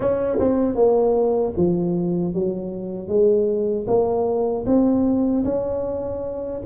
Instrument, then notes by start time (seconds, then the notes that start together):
tuba
0.00 C#4
0.39 C4
0.75 A#3
1.57 F3
2.34 F#3
3.08 G#3
3.87 A#3
4.66 C4
5.44 C#4